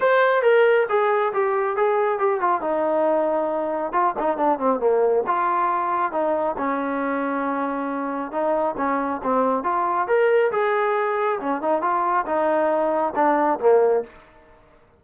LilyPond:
\new Staff \with { instrumentName = "trombone" } { \time 4/4 \tempo 4 = 137 c''4 ais'4 gis'4 g'4 | gis'4 g'8 f'8 dis'2~ | dis'4 f'8 dis'8 d'8 c'8 ais4 | f'2 dis'4 cis'4~ |
cis'2. dis'4 | cis'4 c'4 f'4 ais'4 | gis'2 cis'8 dis'8 f'4 | dis'2 d'4 ais4 | }